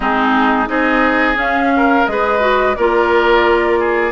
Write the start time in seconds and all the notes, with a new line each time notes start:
0.00 G#3 C4 D#4 G#4
0.67 C4 D#4 G#4 D#5
1.35 C#4 F5
1.76 A#4
2.06 G#3 G#4 B4 D#5
2.40 F#4
2.75 A#3 F4 A#4 D5
3.79 G#4